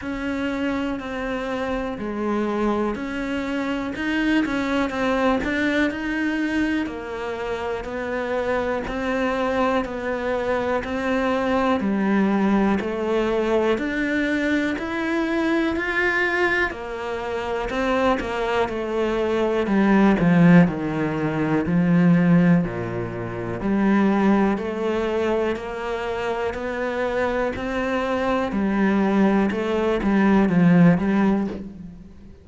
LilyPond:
\new Staff \with { instrumentName = "cello" } { \time 4/4 \tempo 4 = 61 cis'4 c'4 gis4 cis'4 | dis'8 cis'8 c'8 d'8 dis'4 ais4 | b4 c'4 b4 c'4 | g4 a4 d'4 e'4 |
f'4 ais4 c'8 ais8 a4 | g8 f8 dis4 f4 ais,4 | g4 a4 ais4 b4 | c'4 g4 a8 g8 f8 g8 | }